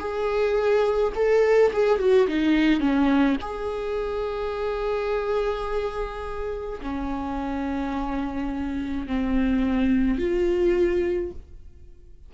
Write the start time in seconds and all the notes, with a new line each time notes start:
0.00 G#4
1.15 A4
1.73 G#4
1.99 F#4
2.27 D#4
2.80 C#4
3.41 G#4
6.81 C#4
9.07 C4
10.18 F4